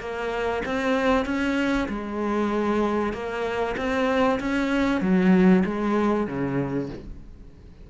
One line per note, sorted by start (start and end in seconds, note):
0.00 0.62 A#3
0.66 1.25 C4
1.25 1.88 C#4
1.89 3.13 G#3
3.13 3.75 A#3
3.77 4.39 C4
4.40 5.01 C#4
5.01 5.63 F#3
5.65 6.27 G#3
6.27 6.89 C#3